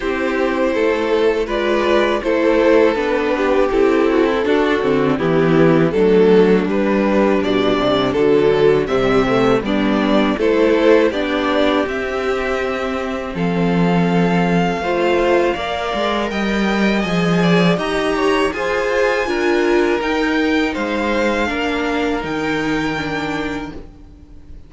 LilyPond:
<<
  \new Staff \with { instrumentName = "violin" } { \time 4/4 \tempo 4 = 81 c''2 d''4 c''4 | b'4 a'2 g'4 | a'4 b'4 d''4 a'4 | e''4 d''4 c''4 d''4 |
e''2 f''2~ | f''2 g''4 gis''4 | ais''4 gis''2 g''4 | f''2 g''2 | }
  \new Staff \with { instrumentName = "violin" } { \time 4/4 g'4 a'4 b'4 a'4~ | a'8 g'4 fis'16 e'16 fis'4 e'4 | d'1 | c'4 d'4 a'4 g'4~ |
g'2 a'2 | c''4 d''4 dis''4. d''8 | dis''8 cis''8 c''4 ais'2 | c''4 ais'2. | }
  \new Staff \with { instrumentName = "viola" } { \time 4/4 e'2 f'4 e'4 | d'4 e'4 d'8 c'8 b4 | a4 g2 fis4 | g8 a8 b4 e'4 d'4 |
c'1 | f'4 ais'2 gis'4 | g'4 gis'4 f'4 dis'4~ | dis'4 d'4 dis'4 d'4 | }
  \new Staff \with { instrumentName = "cello" } { \time 4/4 c'4 a4 gis4 a4 | b4 c'4 d'8 d8 e4 | fis4 g4 b,8 c8 d4 | c4 g4 a4 b4 |
c'2 f2 | a4 ais8 gis8 g4 f4 | dis'4 f'4 d'4 dis'4 | gis4 ais4 dis2 | }
>>